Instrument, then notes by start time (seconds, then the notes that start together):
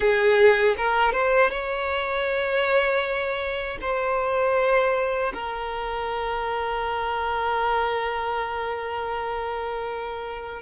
violin
0.00 G#4
0.77 A#4
1.12 C5
1.50 C#5
3.81 C5
5.33 A#4